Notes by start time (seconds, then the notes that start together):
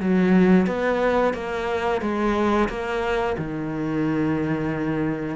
0.00 F#3
0.66 B3
1.34 A#3
2.01 G#3
2.69 A#3
3.38 D#3